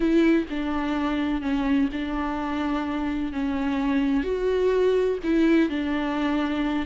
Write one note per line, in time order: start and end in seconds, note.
0.00 0.45 E4
0.50 1.41 D4
1.41 1.89 C#4
1.92 3.32 D4
3.32 4.23 C#4
4.23 5.18 F#4
5.23 5.69 E4
5.69 6.86 D4